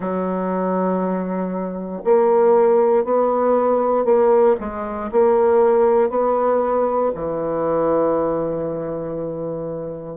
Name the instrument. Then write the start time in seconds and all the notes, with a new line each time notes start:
bassoon
0.00 F#3
2.04 A#3
3.04 B3
4.04 A#3
4.59 G#3
5.11 A#3
6.09 B3
7.14 E3